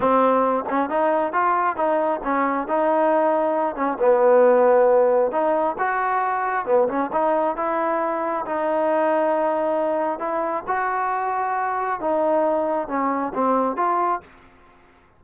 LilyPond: \new Staff \with { instrumentName = "trombone" } { \time 4/4 \tempo 4 = 135 c'4. cis'8 dis'4 f'4 | dis'4 cis'4 dis'2~ | dis'8 cis'8 b2. | dis'4 fis'2 b8 cis'8 |
dis'4 e'2 dis'4~ | dis'2. e'4 | fis'2. dis'4~ | dis'4 cis'4 c'4 f'4 | }